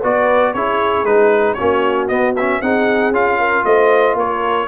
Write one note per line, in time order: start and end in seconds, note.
0.00 0.54 B3
0.00 0.55 F#4
0.00 0.52 B4
0.00 0.54 D5
0.54 1.03 C#4
0.54 1.05 E4
0.54 1.58 G#4
0.54 1.05 C#5
1.03 1.55 G#3
1.03 1.57 D#4
1.03 1.54 B4
1.54 2.09 C#4
1.54 2.61 F#4
1.54 2.05 C#5
1.60 2.09 A#3
2.08 2.61 B3
2.08 2.35 B3
2.08 2.34 D#5
2.36 2.62 C#4
2.36 2.62 E5
2.61 3.11 C4
2.61 3.13 D#4
2.61 3.38 G#4
2.61 3.13 F#5
3.11 3.63 C#4
3.11 4.67 F4
3.11 3.64 F5
3.38 3.64 A#4
3.64 4.14 A3
3.64 4.17 C5
3.64 4.16 D#5
4.14 4.66 A#3
4.14 4.67 A#4
4.14 4.67 C#5